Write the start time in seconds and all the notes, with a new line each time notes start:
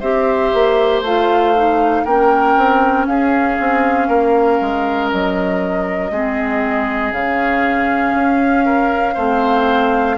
0.00 C4 G4 C5 E5
0.53 A#3
1.01 A3 F4 F5
1.55 D#4
2.04 A#3 C#4 A#4 G5
2.57 C4
3.07 C#4 G#4 F5
3.60 C4
4.08 A#3 A#4
4.61 G#3
5.10 F#3 D#5
6.11 G#3 C4 G#4
7.12 C#3 C#4 F5
8.14 C#4
8.65 A#4
9.14 A3 C4 C5